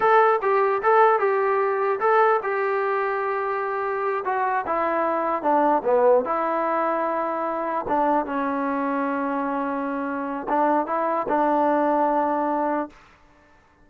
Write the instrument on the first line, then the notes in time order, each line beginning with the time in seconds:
trombone
0.00 A4
0.41 G4
0.82 A4
1.19 G4
2.00 A4
2.43 G4
4.24 F#4
4.66 E4
5.42 D4
5.84 B3
6.24 E4
7.88 D4
8.25 C#4
10.48 D4
10.86 E4
11.28 D4